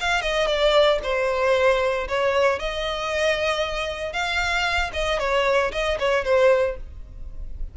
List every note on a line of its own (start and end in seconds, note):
0.00 0.22 F5
0.22 0.47 D#5
0.47 0.99 D5
1.03 2.08 C5
2.08 2.59 C#5
2.59 4.13 D#5
4.13 4.91 F5
4.93 5.19 D#5
5.19 5.72 C#5
5.72 5.98 D#5
5.99 6.24 C#5
6.24 6.77 C5